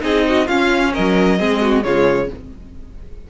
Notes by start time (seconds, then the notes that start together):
0.00 C4 D#4 G#4 D#5
0.28 F#4
0.46 C#4 F4 F5
0.93 F#3 A#4 D#5
1.38 G#3 C4 G#4
1.61 F#4
1.83 C#3 G#3 F4 C#5